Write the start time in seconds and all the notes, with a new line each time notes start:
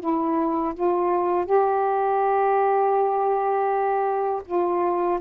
0.00 E4
0.75 F4
1.46 G4
4.46 F4